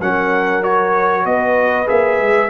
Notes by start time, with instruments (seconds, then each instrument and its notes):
0.00 tuba F#3, trombone C#4, horn A#4, trumpet F#5
0.63 trombone F#4, trumpet C#5
1.25 tuba B3, horn B4, trumpet D#5
1.86 tuba A#3, trombone G#4, trumpet E5
2.19 tuba G#3